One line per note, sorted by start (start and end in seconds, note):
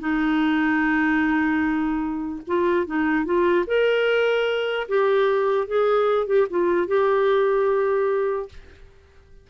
0.00 2.42 D#4
2.47 2.87 F4
2.87 3.25 D#4
3.25 3.66 F4
3.67 4.88 A#4
4.88 5.67 G4
5.67 6.27 G#4
6.27 6.47 G4
6.50 6.88 F4
6.88 8.49 G4